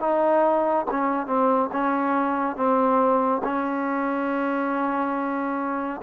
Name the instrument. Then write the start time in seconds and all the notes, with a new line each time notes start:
trombone
0.00 D#4
0.91 C#4
1.27 C4
1.72 C#4
2.56 C4
3.44 C#4